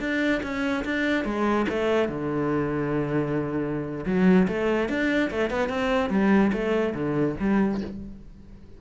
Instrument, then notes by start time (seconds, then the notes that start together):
cello
0.00 D4
0.43 C#4
0.85 D4
1.25 G#3
1.69 A3
2.09 D3
4.06 F#3
4.48 A3
4.89 D4
5.31 A3
5.51 B3
5.69 C4
6.10 G3
6.53 A3
6.94 D3
7.40 G3